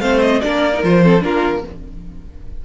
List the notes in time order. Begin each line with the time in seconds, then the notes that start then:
0.00 A3 C4 C5 F5
0.20 D#5
0.41 A#3 D4 A#4 D5
0.74 D#4
0.83 F3 F4 C5
1.03 C4 A4
1.21 A#3 D4 F4 A#4